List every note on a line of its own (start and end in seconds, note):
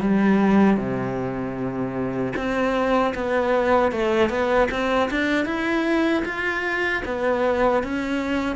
0.00 0.77 G3
0.77 2.33 C3
2.36 3.14 C4
3.15 3.92 B3
3.92 4.29 A3
4.29 4.68 B3
4.71 5.10 C4
5.10 5.45 D4
5.45 6.23 E4
6.25 7.03 F4
7.06 7.83 B3
7.83 8.56 C#4